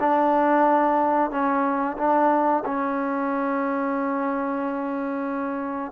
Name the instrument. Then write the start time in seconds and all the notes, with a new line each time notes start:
trombone
0.00 D4
1.31 C#4
1.98 D4
2.65 C#4